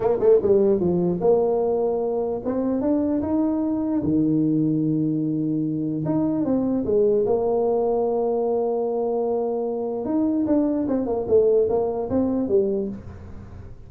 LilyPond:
\new Staff \with { instrumentName = "tuba" } { \time 4/4 \tempo 4 = 149 ais8 a8 g4 f4 ais4~ | ais2 c'4 d'4 | dis'2 dis2~ | dis2. dis'4 |
c'4 gis4 ais2~ | ais1~ | ais4 dis'4 d'4 c'8 ais8 | a4 ais4 c'4 g4 | }